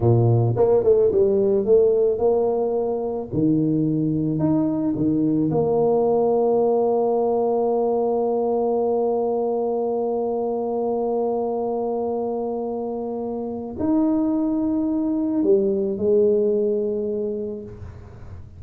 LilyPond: \new Staff \with { instrumentName = "tuba" } { \time 4/4 \tempo 4 = 109 ais,4 ais8 a8 g4 a4 | ais2 dis2 | dis'4 dis4 ais2~ | ais1~ |
ais1~ | ais1~ | ais4 dis'2. | g4 gis2. | }